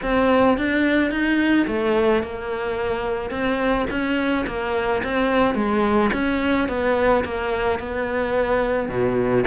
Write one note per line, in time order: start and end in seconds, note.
0.02 0.57 C4
0.57 1.10 D4
1.10 1.66 D#4
1.67 2.22 A3
2.22 3.30 A#3
3.30 3.86 C4
3.90 4.45 C#4
4.46 5.02 A#3
5.03 5.54 C4
5.54 6.10 G#3
6.13 6.68 C#4
6.68 7.23 B3
7.24 7.79 A#3
7.79 8.88 B3
8.88 9.44 B2